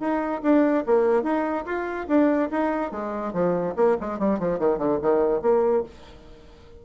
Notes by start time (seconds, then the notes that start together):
0.00 D#4
0.43 D4
0.86 A#3
1.23 D#4
1.65 F4
2.08 D4
2.51 D#4
2.91 G#3
3.33 F3
3.76 A#3
4.01 G#3
4.19 G3
4.40 F3
4.59 D#3
4.78 D3
5.02 D#3
5.42 A#3